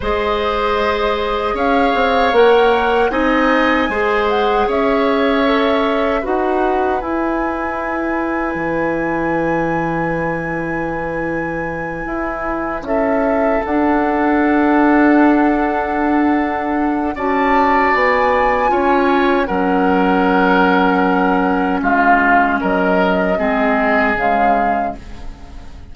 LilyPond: <<
  \new Staff \with { instrumentName = "flute" } { \time 4/4 \tempo 4 = 77 dis''2 f''4 fis''4 | gis''4. fis''8 e''2 | fis''4 gis''2.~ | gis''1~ |
gis''8 e''4 fis''2~ fis''8~ | fis''2 a''4 gis''4~ | gis''4 fis''2. | f''4 dis''2 f''4 | }
  \new Staff \with { instrumentName = "oboe" } { \time 4/4 c''2 cis''2 | dis''4 c''4 cis''2 | b'1~ | b'1~ |
b'8 a'2.~ a'8~ | a'2 d''2 | cis''4 ais'2. | f'4 ais'4 gis'2 | }
  \new Staff \with { instrumentName = "clarinet" } { \time 4/4 gis'2. ais'4 | dis'4 gis'2 a'4 | fis'4 e'2.~ | e'1~ |
e'4. d'2~ d'8~ | d'2 fis'2 | f'4 cis'2.~ | cis'2 c'4 gis4 | }
  \new Staff \with { instrumentName = "bassoon" } { \time 4/4 gis2 cis'8 c'8 ais4 | c'4 gis4 cis'2 | dis'4 e'2 e4~ | e2.~ e8 e'8~ |
e'8 cis'4 d'2~ d'8~ | d'2 cis'4 b4 | cis'4 fis2. | gis4 fis4 gis4 cis4 | }
>>